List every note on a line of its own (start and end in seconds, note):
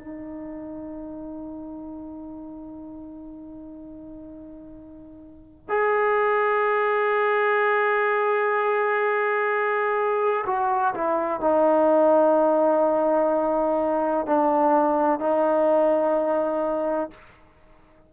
0.00 5.69 D#4
5.69 10.45 G#4
10.47 10.94 F#4
10.95 11.41 E4
11.41 14.27 D#4
14.27 15.20 D4
15.20 17.11 D#4